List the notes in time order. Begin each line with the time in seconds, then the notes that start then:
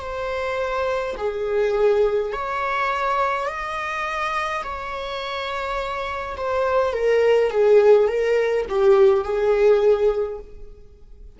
0.00 C5
1.17 G#4
2.32 C#5
3.47 D#5
4.63 C#5
6.37 C5
6.93 A#4
7.51 G#4
8.08 A#4
8.69 G4
9.24 G#4